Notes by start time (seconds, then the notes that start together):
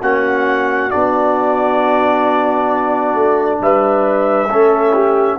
0.00 A#3 C#4 F#4 F#5
0.90 B3 D4 D5
3.13 A3
3.60 G3 B4 E5
4.47 A3 C#4 A4
4.93 G4